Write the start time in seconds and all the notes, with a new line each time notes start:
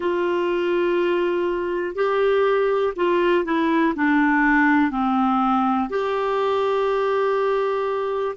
0.00 F4
1.95 G4
2.96 F4
3.44 E4
3.95 D4
4.90 C4
5.89 G4